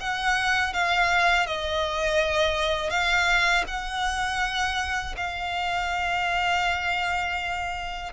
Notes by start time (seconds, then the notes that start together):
0.00 F#5
0.73 F5
1.46 D#5
2.90 F5
3.67 F#5
5.17 F5